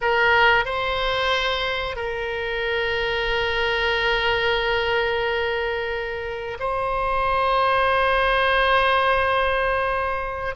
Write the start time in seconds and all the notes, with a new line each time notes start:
0.01 A#4
0.65 C5
1.96 A#4
6.59 C5